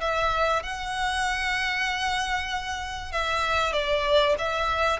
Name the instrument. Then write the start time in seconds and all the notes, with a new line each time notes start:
violin
0.00 E5
0.62 F#5
3.12 E5
3.72 D5
4.38 E5